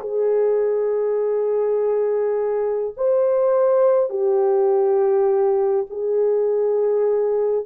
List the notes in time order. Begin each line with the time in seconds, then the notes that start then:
0.00 G#4
2.97 C5
4.09 G4
5.90 G#4